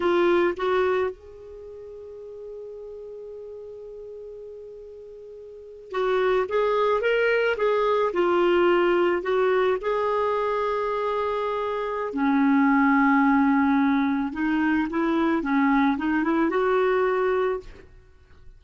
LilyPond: \new Staff \with { instrumentName = "clarinet" } { \time 4/4 \tempo 4 = 109 f'4 fis'4 gis'2~ | gis'1~ | gis'2~ gis'8. fis'4 gis'16~ | gis'8. ais'4 gis'4 f'4~ f'16~ |
f'8. fis'4 gis'2~ gis'16~ | gis'2 cis'2~ | cis'2 dis'4 e'4 | cis'4 dis'8 e'8 fis'2 | }